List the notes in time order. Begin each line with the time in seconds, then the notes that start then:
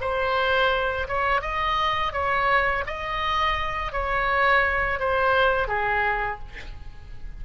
0.00 C5
1.07 C#5
1.41 D#5
2.12 C#5
2.86 D#5
3.92 C#5
4.99 C5
5.68 G#4